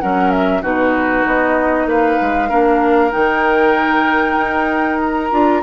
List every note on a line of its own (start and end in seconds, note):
0.00 0.62 F#3
0.00 0.62 C#4
0.00 0.61 A#4
0.00 0.30 F#5
0.30 0.62 E5
0.61 1.25 B2
0.61 2.49 D#4
0.61 1.86 F#4
0.61 1.25 B4
1.26 1.85 B3
1.26 1.88 D#5
1.85 2.17 A#3
1.85 2.49 B4
1.85 3.12 F5
2.21 2.50 G#3
2.49 3.13 A#3
2.49 3.11 D4
2.49 5.61 A#4
3.11 4.36 D#3
3.11 5.29 D#4
3.11 4.99 G5
4.36 5.30 D#4
5.00 5.62 A#5
5.31 5.62 D4
5.31 5.62 F4